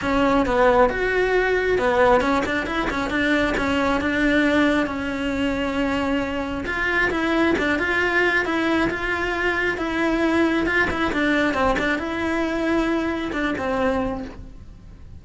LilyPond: \new Staff \with { instrumentName = "cello" } { \time 4/4 \tempo 4 = 135 cis'4 b4 fis'2 | b4 cis'8 d'8 e'8 cis'8 d'4 | cis'4 d'2 cis'4~ | cis'2. f'4 |
e'4 d'8 f'4. e'4 | f'2 e'2 | f'8 e'8 d'4 c'8 d'8 e'4~ | e'2 d'8 c'4. | }